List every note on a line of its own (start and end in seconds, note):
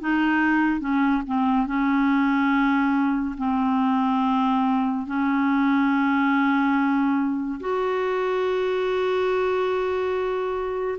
0.00 0.80 D#4
0.80 1.22 C#4
1.26 1.66 C4
1.66 3.35 C#4
3.37 5.06 C4
5.06 7.59 C#4
7.60 10.98 F#4